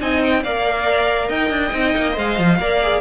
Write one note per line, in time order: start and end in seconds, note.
0.00 0.44 C4
0.00 0.43 D#4
0.00 0.44 D#5
0.00 0.22 G#5
0.24 0.44 G5
0.44 1.29 A#3
0.44 1.71 A#4
0.44 1.28 D5
0.44 1.30 F5
1.28 1.50 D#4
1.28 2.58 D#5
1.28 2.16 G5
1.50 1.71 D4
1.71 1.94 C4
1.71 2.13 D#4
1.96 2.17 A#3
2.13 2.39 G#3
2.13 2.56 C5
2.13 3.01 F5
2.39 2.59 F3
2.59 3.01 A#3
2.59 2.82 A#4
2.59 3.01 D5
2.82 3.01 G#4